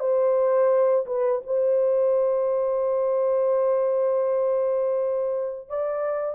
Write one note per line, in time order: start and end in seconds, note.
0.00 1.06 C5
1.06 1.41 B4
1.47 5.69 C5
5.69 6.35 D5